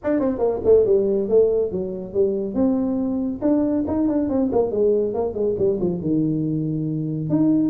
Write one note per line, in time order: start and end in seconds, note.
0.03 0.19 D4
0.19 0.38 C4
0.38 0.60 A#3
0.64 0.85 A3
0.85 1.28 G3
1.28 1.71 A3
1.71 2.13 F#3
2.13 2.54 G3
2.54 3.40 C4
3.41 3.84 D4
3.87 4.08 D#4
4.08 4.29 D4
4.29 4.50 C4
4.52 4.71 A#3
4.71 5.14 G#3
5.14 5.34 A#3
5.34 5.55 G#3
5.58 5.79 G3
5.80 6.01 F3
6.01 7.29 D#3
7.29 7.69 D#4